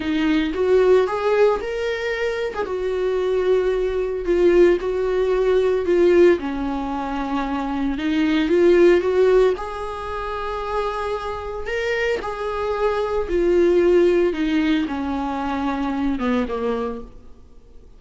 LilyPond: \new Staff \with { instrumentName = "viola" } { \time 4/4 \tempo 4 = 113 dis'4 fis'4 gis'4 ais'4~ | ais'8. gis'16 fis'2. | f'4 fis'2 f'4 | cis'2. dis'4 |
f'4 fis'4 gis'2~ | gis'2 ais'4 gis'4~ | gis'4 f'2 dis'4 | cis'2~ cis'8 b8 ais4 | }